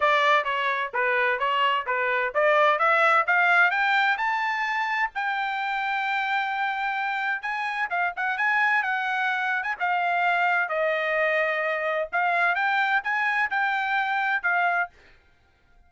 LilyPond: \new Staff \with { instrumentName = "trumpet" } { \time 4/4 \tempo 4 = 129 d''4 cis''4 b'4 cis''4 | b'4 d''4 e''4 f''4 | g''4 a''2 g''4~ | g''1 |
gis''4 f''8 fis''8 gis''4 fis''4~ | fis''8. gis''16 f''2 dis''4~ | dis''2 f''4 g''4 | gis''4 g''2 f''4 | }